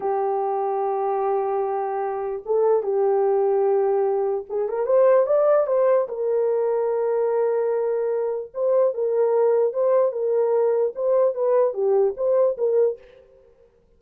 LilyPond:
\new Staff \with { instrumentName = "horn" } { \time 4/4 \tempo 4 = 148 g'1~ | g'2 a'4 g'4~ | g'2. gis'8 ais'8 | c''4 d''4 c''4 ais'4~ |
ais'1~ | ais'4 c''4 ais'2 | c''4 ais'2 c''4 | b'4 g'4 c''4 ais'4 | }